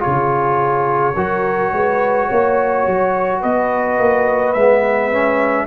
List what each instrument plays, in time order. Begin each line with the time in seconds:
0.00 trombone F4, horn G#4, trumpet C#5
0.07 tuba C#3
1.16 tuba F#3, trombone F#4, horn A#4
1.73 tuba G#3, horn B4
2.27 tuba A#3, horn C#5
2.87 tuba F#3
3.41 tuba B3, horn B4, trumpet D#5
4.00 tuba A#3
4.54 tuba G#3, trombone B3, trumpet E5
5.12 trombone C#4